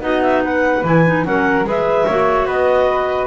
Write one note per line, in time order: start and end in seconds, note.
0.00 0.83 B3
0.00 0.82 D#4
0.00 0.43 F#4
0.00 0.22 D#5
0.22 0.43 E5
0.43 1.26 B4
0.43 0.85 F#5
0.84 1.25 E3
0.84 1.05 E4
0.84 1.25 G#5
1.06 1.25 D#4
1.25 1.63 F#3
1.25 1.64 C#4
1.25 1.67 A#4
1.25 1.66 F#5
1.63 2.04 G#3
1.63 2.05 G#4
1.63 2.05 B4
1.63 2.48 E5
2.05 2.45 A#3
2.05 3.26 F#4
2.05 2.46 C#5
2.45 3.26 B3
2.45 3.26 B4
2.45 3.26 D#5